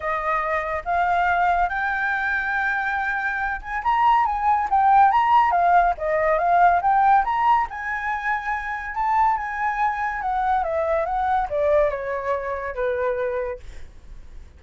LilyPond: \new Staff \with { instrumentName = "flute" } { \time 4/4 \tempo 4 = 141 dis''2 f''2 | g''1~ | g''8 gis''8 ais''4 gis''4 g''4 | ais''4 f''4 dis''4 f''4 |
g''4 ais''4 gis''2~ | gis''4 a''4 gis''2 | fis''4 e''4 fis''4 d''4 | cis''2 b'2 | }